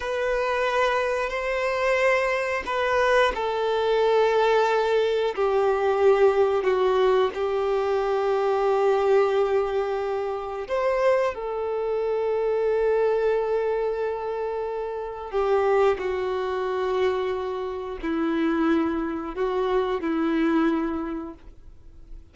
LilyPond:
\new Staff \with { instrumentName = "violin" } { \time 4/4 \tempo 4 = 90 b'2 c''2 | b'4 a'2. | g'2 fis'4 g'4~ | g'1 |
c''4 a'2.~ | a'2. g'4 | fis'2. e'4~ | e'4 fis'4 e'2 | }